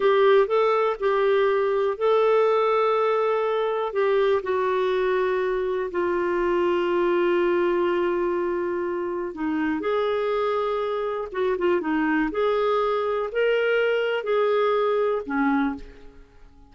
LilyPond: \new Staff \with { instrumentName = "clarinet" } { \time 4/4 \tempo 4 = 122 g'4 a'4 g'2 | a'1 | g'4 fis'2. | f'1~ |
f'2. dis'4 | gis'2. fis'8 f'8 | dis'4 gis'2 ais'4~ | ais'4 gis'2 cis'4 | }